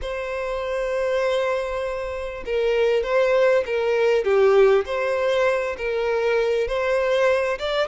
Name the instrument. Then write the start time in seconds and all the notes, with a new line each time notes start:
violin
0.01 C5
2.45 A#4
3.03 C5
3.66 A#4
4.24 G4
4.85 C5
5.77 A#4
6.67 C5
7.59 D5